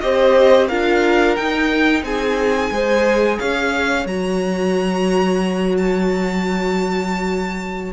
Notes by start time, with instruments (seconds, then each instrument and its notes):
0.00 cello C4, viola G4, violin C5 D#5
0.68 cello D4, viola F4, violin A#4 F5
1.36 viola D#4, cello D#4, violin G5
2.03 cello C4, violin G#4 G#5
2.71 cello G#3, viola G#4, violin C5
3.39 cello C#4, violin C#5 F5
4.05 cello F#3, viola F#4, violin A#5
5.77 violin A5